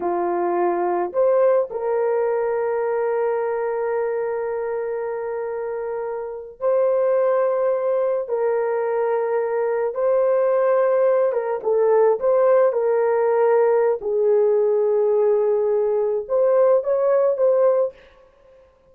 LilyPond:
\new Staff \with { instrumentName = "horn" } { \time 4/4 \tempo 4 = 107 f'2 c''4 ais'4~ | ais'1~ | ais'2.~ ais'8. c''16~ | c''2~ c''8. ais'4~ ais'16~ |
ais'4.~ ais'16 c''2~ c''16~ | c''16 ais'8 a'4 c''4 ais'4~ ais'16~ | ais'4 gis'2.~ | gis'4 c''4 cis''4 c''4 | }